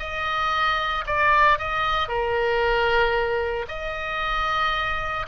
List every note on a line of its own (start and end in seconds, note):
0.00 1.05 D#5
1.07 1.59 D5
1.59 2.08 D#5
2.08 3.66 A#4
3.68 5.26 D#5